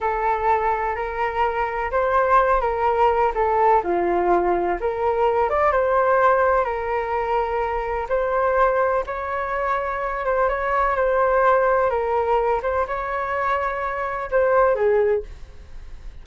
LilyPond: \new Staff \with { instrumentName = "flute" } { \time 4/4 \tempo 4 = 126 a'2 ais'2 | c''4. ais'4. a'4 | f'2 ais'4. d''8 | c''2 ais'2~ |
ais'4 c''2 cis''4~ | cis''4. c''8 cis''4 c''4~ | c''4 ais'4. c''8 cis''4~ | cis''2 c''4 gis'4 | }